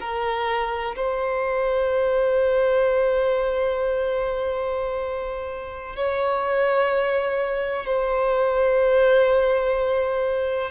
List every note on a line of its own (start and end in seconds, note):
0.00 0.95 A#4
0.96 5.96 C5
5.96 7.86 C#5
7.86 10.71 C5